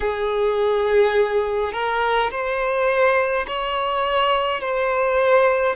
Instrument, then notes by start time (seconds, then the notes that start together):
violin
0.00 G#4
1.73 A#4
2.30 C5
3.47 C#5
4.60 C5